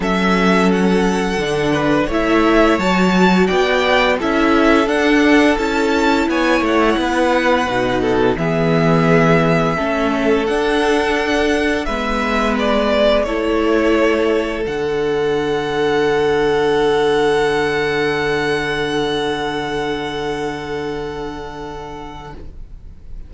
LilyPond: <<
  \new Staff \with { instrumentName = "violin" } { \time 4/4 \tempo 4 = 86 e''4 fis''2 e''4 | a''4 g''4 e''4 fis''4 | a''4 gis''8 fis''2~ fis''8 | e''2. fis''4~ |
fis''4 e''4 d''4 cis''4~ | cis''4 fis''2.~ | fis''1~ | fis''1 | }
  \new Staff \with { instrumentName = "violin" } { \time 4/4 a'2~ a'8 b'8 cis''4~ | cis''4 d''4 a'2~ | a'4 cis''4 b'4. a'8 | gis'2 a'2~ |
a'4 b'2 a'4~ | a'1~ | a'1~ | a'1 | }
  \new Staff \with { instrumentName = "viola" } { \time 4/4 cis'2 d'4 e'4 | fis'2 e'4 d'4 | e'2. dis'4 | b2 cis'4 d'4~ |
d'4 b2 e'4~ | e'4 d'2.~ | d'1~ | d'1 | }
  \new Staff \with { instrumentName = "cello" } { \time 4/4 fis2 d4 a4 | fis4 b4 cis'4 d'4 | cis'4 b8 a8 b4 b,4 | e2 a4 d'4~ |
d'4 gis2 a4~ | a4 d2.~ | d1~ | d1 | }
>>